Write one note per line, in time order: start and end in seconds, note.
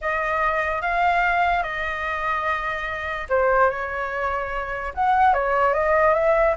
0.01 0.81 D#5
0.81 1.63 F5
1.63 3.27 D#5
3.29 3.70 C5
3.70 4.93 C#5
4.94 5.33 F#5
5.33 5.73 C#5
5.73 6.14 D#5
6.14 6.55 E5